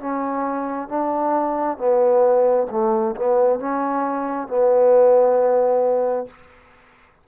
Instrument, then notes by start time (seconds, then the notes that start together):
trombone
0.00 C#4
0.89 D4
1.78 B3
2.71 A3
3.16 B3
3.60 C#4
4.48 B3